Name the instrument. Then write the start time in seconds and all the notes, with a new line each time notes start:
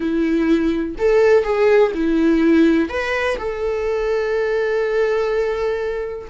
viola
0.00 E4
0.98 A4
1.43 G#4
1.94 E4
2.89 B4
3.38 A4